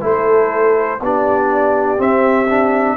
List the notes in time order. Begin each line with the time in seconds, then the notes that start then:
0.00 A3 E4 A4 C5
1.00 B3 D4 G4 D5
1.97 C4 E5
2.50 D4